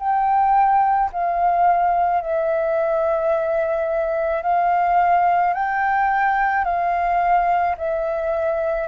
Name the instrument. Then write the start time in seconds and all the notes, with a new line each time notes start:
flute
0.00 G5
1.13 F5
2.22 E5
4.43 F5
5.54 G5
6.65 F5
7.78 E5